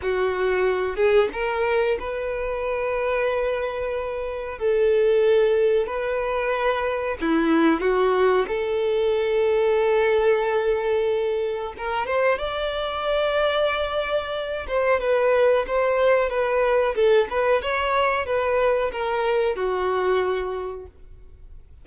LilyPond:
\new Staff \with { instrumentName = "violin" } { \time 4/4 \tempo 4 = 92 fis'4. gis'8 ais'4 b'4~ | b'2. a'4~ | a'4 b'2 e'4 | fis'4 a'2.~ |
a'2 ais'8 c''8 d''4~ | d''2~ d''8 c''8 b'4 | c''4 b'4 a'8 b'8 cis''4 | b'4 ais'4 fis'2 | }